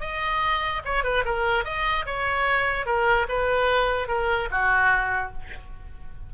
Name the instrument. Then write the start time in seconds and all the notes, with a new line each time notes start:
oboe
0.00 D#5
0.85 C#5
1.04 B4
1.25 A#4
1.64 D#5
2.06 C#5
2.86 A#4
3.28 B4
4.07 A#4
4.51 F#4